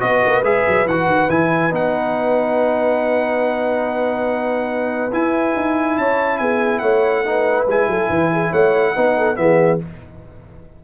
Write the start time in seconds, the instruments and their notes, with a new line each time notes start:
0.00 tuba B3, trombone F#4, horn B4, trumpet D#5
0.26 tuba A#3
0.42 tuba G#3, trombone G#4, trumpet E5
0.67 tuba F#3
0.85 tuba E3, trombone F#4, trumpet F#5
1.06 tuba D#3
1.29 tuba E3, trombone E4, trumpet G#5
1.71 tuba B3, trombone D#4, trumpet F#5
5.12 trombone E4, tuba E4, trumpet G#5
5.56 tuba D#4
5.97 tuba C#4, horn C#5, trumpet A5
6.38 tuba B3, horn G#4, trumpet G#5
6.79 tuba A3, horn C#5, trumpet F#5
7.25 trombone D#4, horn B4
7.67 tuba G#3, trombone E4, trumpet G#5
7.87 tuba F#3, horn A4
8.09 tuba E3, horn B4
8.33 horn G#4
8.51 tuba A3, horn C#5, trumpet F#5
8.95 tuba B3, trombone D#4, horn B4
9.17 horn A4
9.36 tuba E3, trombone B3, horn G#4, trumpet E5